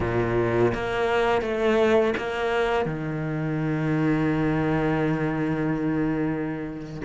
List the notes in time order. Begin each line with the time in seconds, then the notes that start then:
0.00 A#2
0.74 A#3
1.41 A3
2.17 A#3
2.86 D#3